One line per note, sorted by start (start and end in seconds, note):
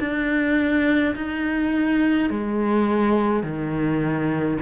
0.00 1.15 D4
1.16 2.30 D#4
2.30 3.44 G#3
3.44 4.59 D#3